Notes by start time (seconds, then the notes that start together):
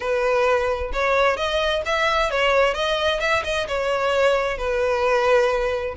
0.00 B4
0.92 C#5
1.36 D#5
1.85 E5
2.30 C#5
2.74 D#5
3.20 E5
3.44 D#5
3.68 C#5
4.57 B4